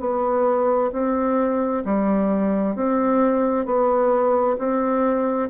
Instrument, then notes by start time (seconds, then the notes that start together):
bassoon
0.00 B3
0.93 C4
1.85 G3
2.76 C4
3.66 B3
4.58 C4